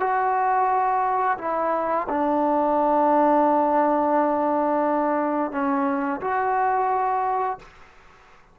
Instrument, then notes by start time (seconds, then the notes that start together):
trombone
0.00 F#4
1.39 E4
2.09 D4
5.52 C#4
6.21 F#4